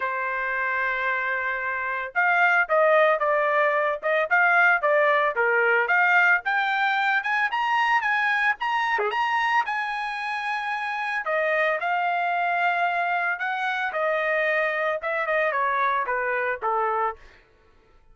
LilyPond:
\new Staff \with { instrumentName = "trumpet" } { \time 4/4 \tempo 4 = 112 c''1 | f''4 dis''4 d''4. dis''8 | f''4 d''4 ais'4 f''4 | g''4. gis''8 ais''4 gis''4 |
ais''8. gis'16 ais''4 gis''2~ | gis''4 dis''4 f''2~ | f''4 fis''4 dis''2 | e''8 dis''8 cis''4 b'4 a'4 | }